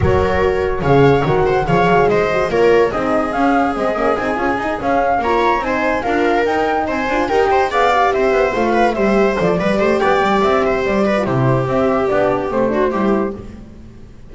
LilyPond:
<<
  \new Staff \with { instrumentName = "flute" } { \time 4/4 \tempo 4 = 144 cis''2 f''4 fis''4 | f''4 dis''4 cis''4 dis''4 | f''4 dis''4 gis''4. f''8~ | f''8 ais''4 gis''4 f''4 g''8~ |
g''8 gis''4 g''4 f''4 e''8~ | e''8 f''4 e''4 d''4. | g''4 e''4 d''4 c''4 | e''4 d''4 c''2 | }
  \new Staff \with { instrumentName = "viola" } { \time 4/4 ais'2 cis''4. c''8 | cis''4 c''4 ais'4 gis'4~ | gis'1~ | gis'8 cis''4 c''4 ais'4.~ |
ais'8 c''4 ais'8 c''8 d''4 c''8~ | c''4 b'8 c''4. b'8 c''8 | d''4. c''4 b'8 g'4~ | g'2~ g'8 fis'8 g'4 | }
  \new Staff \with { instrumentName = "horn" } { \time 4/4 fis'2 gis'4 fis'4 | gis'4. fis'8 f'4 dis'4 | cis'4 c'8 cis'8 dis'8 f'8 dis'8 cis'8~ | cis'8 f'4 dis'4 f'4 dis'8~ |
dis'4 f'8 g'4 gis'8 g'4~ | g'8 f'4 g'4 a'8 g'4~ | g'2~ g'8. f'16 e'4 | c'4 d'4 c'8 d'8 e'4 | }
  \new Staff \with { instrumentName = "double bass" } { \time 4/4 fis2 cis4 dis4 | f8 fis8 gis4 ais4 c'4 | cis'4 gis8 ais8 c'8 cis'8 dis'8 cis'8~ | cis'8 ais4 c'4 d'4 dis'8~ |
dis'8 c'8 d'8 dis'4 b4 c'8 | b8 a4 g4 f8 g8 a8 | b8 g8 c'4 g4 c4 | c'4 b4 a4 g4 | }
>>